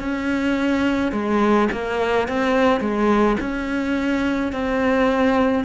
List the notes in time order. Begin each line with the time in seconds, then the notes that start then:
0.00 C#4
1.12 G#3
1.72 A#3
2.28 C4
2.80 G#3
3.40 C#4
4.53 C4